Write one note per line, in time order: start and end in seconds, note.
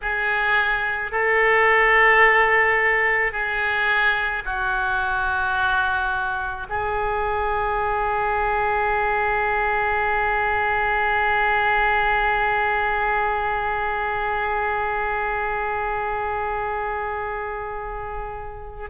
0.02 1.11 G#4
1.11 3.31 A4
3.31 4.42 G#4
4.44 6.67 F#4
6.69 18.89 G#4